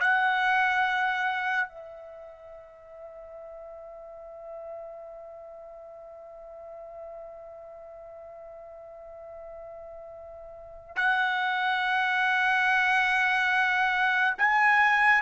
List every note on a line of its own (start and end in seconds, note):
0.00 1.68 F#5
1.68 10.96 E5
10.96 14.34 F#5
14.38 15.21 G#5